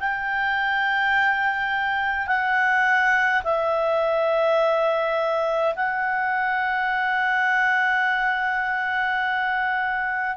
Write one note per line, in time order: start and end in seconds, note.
0.00 2.27 G5
2.27 3.42 F#5
3.44 5.75 E5
5.75 10.37 F#5